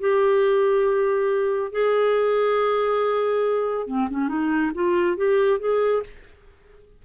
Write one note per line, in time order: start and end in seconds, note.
0.00 1.72 G4
1.72 3.87 G#4
3.87 4.08 C4
4.10 4.28 C#4
4.28 4.71 D#4
4.74 5.17 F4
5.17 5.60 G4
5.60 6.03 G#4